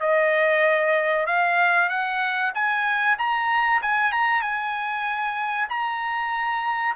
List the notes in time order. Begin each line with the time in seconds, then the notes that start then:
0.00 D#5
1.27 F5
1.89 F#5
2.54 G#5
3.18 A#5
3.82 G#5
4.12 A#5
4.42 G#5
5.69 A#5